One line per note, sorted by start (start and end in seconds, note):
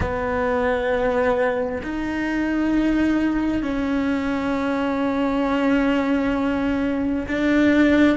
0.00 1.81 B3
1.82 3.62 D#4
3.62 7.26 C#4
7.27 8.17 D4